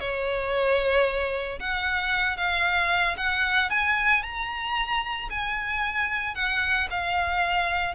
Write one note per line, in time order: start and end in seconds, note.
0.00 1.59 C#5
1.60 2.37 F#5
2.37 3.17 F5
3.17 3.70 F#5
3.70 4.23 G#5
4.23 5.29 A#5
5.30 6.35 G#5
6.35 6.88 F#5
6.91 7.95 F5